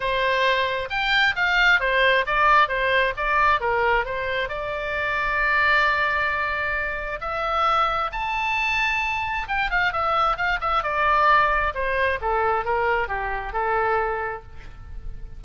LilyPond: \new Staff \with { instrumentName = "oboe" } { \time 4/4 \tempo 4 = 133 c''2 g''4 f''4 | c''4 d''4 c''4 d''4 | ais'4 c''4 d''2~ | d''1 |
e''2 a''2~ | a''4 g''8 f''8 e''4 f''8 e''8 | d''2 c''4 a'4 | ais'4 g'4 a'2 | }